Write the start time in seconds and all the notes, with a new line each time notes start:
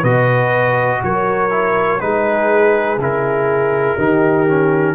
0.00 B2 F#4 B4 D#5
1.03 F#3 A#4 C#5
1.50 E4
2.00 G#3 D#4 G#4 B4
2.97 C#3 E4 A#4
3.97 D#3 D#4 G4
4.47 C#4